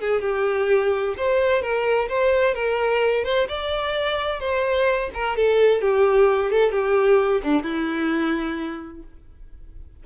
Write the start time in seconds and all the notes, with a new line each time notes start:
0.00 G#4
0.22 G4
1.18 C5
1.62 A#4
2.09 C5
2.55 A#4
3.24 C5
3.48 D5
4.40 C5
5.14 A#4
5.37 A4
5.81 G4
6.51 A4
6.72 G4
7.43 D4
7.63 E4